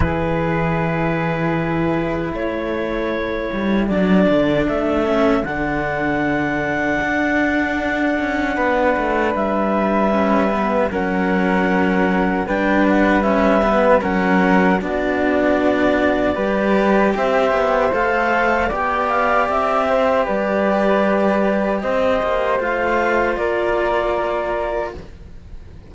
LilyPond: <<
  \new Staff \with { instrumentName = "clarinet" } { \time 4/4 \tempo 4 = 77 b'2. cis''4~ | cis''4 d''4 e''4 fis''4~ | fis''1 | e''2 fis''2 |
g''8 fis''8 e''4 fis''4 d''4~ | d''2 e''4 f''4 | g''8 f''8 e''4 d''2 | dis''4 f''4 d''2 | }
  \new Staff \with { instrumentName = "flute" } { \time 4/4 gis'2. a'4~ | a'1~ | a'2. b'4~ | b'2 ais'2 |
b'2 ais'4 fis'4~ | fis'4 b'4 c''2 | d''4. c''8 b'2 | c''2 ais'2 | }
  \new Staff \with { instrumentName = "cello" } { \time 4/4 e'1~ | e'4 d'4. cis'8 d'4~ | d'1~ | d'4 cis'8 b8 cis'2 |
d'4 cis'8 b8 cis'4 d'4~ | d'4 g'2 a'4 | g'1~ | g'4 f'2. | }
  \new Staff \with { instrumentName = "cello" } { \time 4/4 e2. a4~ | a8 g8 fis8 d8 a4 d4~ | d4 d'4. cis'8 b8 a8 | g2 fis2 |
g2 fis4 b4~ | b4 g4 c'8 b8 a4 | b4 c'4 g2 | c'8 ais8 a4 ais2 | }
>>